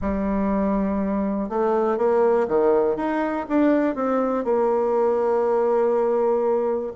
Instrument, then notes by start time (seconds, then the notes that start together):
bassoon
0.01 G3
1.49 A3
1.97 A#3
2.47 D#3
2.96 D#4
3.48 D4
3.95 C4
4.44 A#3